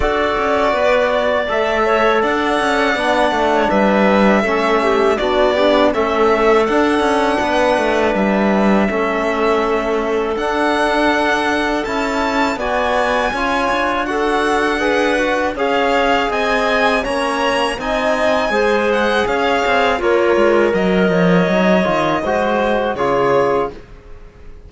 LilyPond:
<<
  \new Staff \with { instrumentName = "violin" } { \time 4/4 \tempo 4 = 81 d''2 e''4 fis''4~ | fis''4 e''2 d''4 | e''4 fis''2 e''4~ | e''2 fis''2 |
a''4 gis''2 fis''4~ | fis''4 f''4 gis''4 ais''4 | gis''4. fis''8 f''4 cis''4 | dis''2. cis''4 | }
  \new Staff \with { instrumentName = "clarinet" } { \time 4/4 a'4 b'8 d''4 cis''8 d''4~ | d''8. cis''16 b'4 a'8 g'8 fis'8 d'8 | a'2 b'2 | a'1~ |
a'4 d''4 cis''4 a'4 | b'4 cis''4 dis''4 cis''4 | dis''4 c''4 cis''4 f'4 | ais'8 cis''4. c''4 gis'4 | }
  \new Staff \with { instrumentName = "trombone" } { \time 4/4 fis'2 a'2 | d'2 cis'4 d'8 g'8 | cis'4 d'2. | cis'2 d'2 |
e'4 fis'4 f'4 fis'4 | gis'8 fis'8 gis'2 cis'4 | dis'4 gis'2 ais'4~ | ais'4 dis'8 f'8 fis'4 f'4 | }
  \new Staff \with { instrumentName = "cello" } { \time 4/4 d'8 cis'8 b4 a4 d'8 cis'8 | b8 a8 g4 a4 b4 | a4 d'8 cis'8 b8 a8 g4 | a2 d'2 |
cis'4 b4 cis'8 d'4.~ | d'4 cis'4 c'4 ais4 | c'4 gis4 cis'8 c'8 ais8 gis8 | fis8 f8 fis8 dis8 gis4 cis4 | }
>>